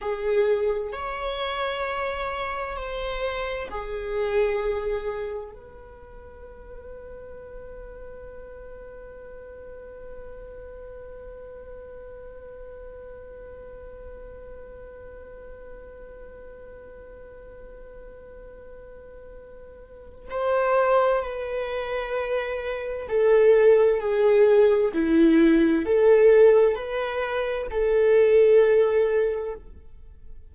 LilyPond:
\new Staff \with { instrumentName = "viola" } { \time 4/4 \tempo 4 = 65 gis'4 cis''2 c''4 | gis'2 b'2~ | b'1~ | b'1~ |
b'1~ | b'2 c''4 b'4~ | b'4 a'4 gis'4 e'4 | a'4 b'4 a'2 | }